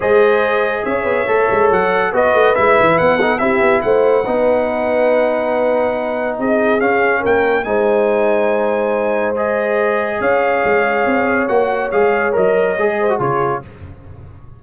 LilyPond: <<
  \new Staff \with { instrumentName = "trumpet" } { \time 4/4 \tempo 4 = 141 dis''2 e''2 | fis''4 dis''4 e''4 fis''4 | e''4 fis''2.~ | fis''2. dis''4 |
f''4 g''4 gis''2~ | gis''2 dis''2 | f''2. fis''4 | f''4 dis''2 cis''4 | }
  \new Staff \with { instrumentName = "horn" } { \time 4/4 c''2 cis''2~ | cis''4 b'2~ b'8 a'8 | g'4 c''4 b'2~ | b'2. gis'4~ |
gis'4 ais'4 c''2~ | c''1 | cis''1~ | cis''2~ cis''8 c''8 gis'4 | }
  \new Staff \with { instrumentName = "trombone" } { \time 4/4 gis'2. a'4~ | a'4 fis'4 e'4. dis'8 | e'2 dis'2~ | dis'1 |
cis'2 dis'2~ | dis'2 gis'2~ | gis'2. fis'4 | gis'4 ais'4 gis'8. fis'16 f'4 | }
  \new Staff \with { instrumentName = "tuba" } { \time 4/4 gis2 cis'8 b8 a8 gis8 | fis4 b8 a8 gis8 e8 b4 | c'8 b8 a4 b2~ | b2. c'4 |
cis'4 ais4 gis2~ | gis1 | cis'4 gis4 c'4 ais4 | gis4 fis4 gis4 cis4 | }
>>